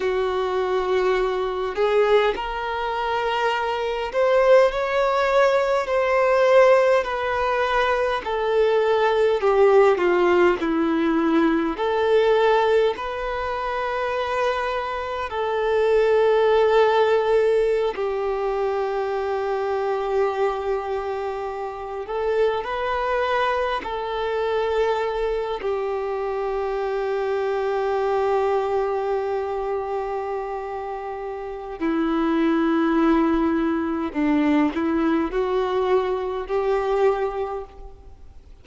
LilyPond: \new Staff \with { instrumentName = "violin" } { \time 4/4 \tempo 4 = 51 fis'4. gis'8 ais'4. c''8 | cis''4 c''4 b'4 a'4 | g'8 f'8 e'4 a'4 b'4~ | b'4 a'2~ a'16 g'8.~ |
g'2~ g'8. a'8 b'8.~ | b'16 a'4. g'2~ g'16~ | g'2. e'4~ | e'4 d'8 e'8 fis'4 g'4 | }